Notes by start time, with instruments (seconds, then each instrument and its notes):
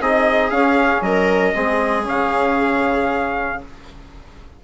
0.00 bassoon C4, trombone D#4, viola G#4, trumpet D#5
0.50 bassoon C#4, trombone C#4, trumpet F5
1.01 bassoon F#3, viola A#4, trumpet D#5
1.54 bassoon G#3, trombone C4, viola G#4
2.03 bassoon C#3, trombone C#4, trumpet F5